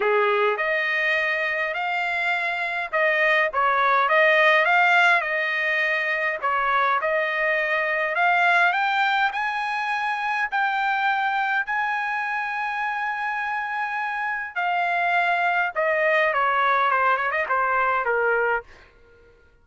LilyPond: \new Staff \with { instrumentName = "trumpet" } { \time 4/4 \tempo 4 = 103 gis'4 dis''2 f''4~ | f''4 dis''4 cis''4 dis''4 | f''4 dis''2 cis''4 | dis''2 f''4 g''4 |
gis''2 g''2 | gis''1~ | gis''4 f''2 dis''4 | cis''4 c''8 cis''16 dis''16 c''4 ais'4 | }